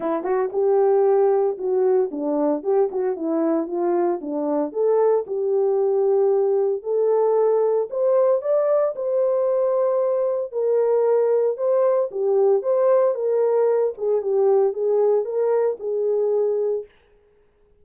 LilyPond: \new Staff \with { instrumentName = "horn" } { \time 4/4 \tempo 4 = 114 e'8 fis'8 g'2 fis'4 | d'4 g'8 fis'8 e'4 f'4 | d'4 a'4 g'2~ | g'4 a'2 c''4 |
d''4 c''2. | ais'2 c''4 g'4 | c''4 ais'4. gis'8 g'4 | gis'4 ais'4 gis'2 | }